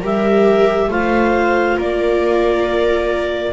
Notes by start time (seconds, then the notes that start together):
0.00 G3 G4 A#4 E5
0.88 A3 F4 C5 F5
1.77 A#3 A#4 D5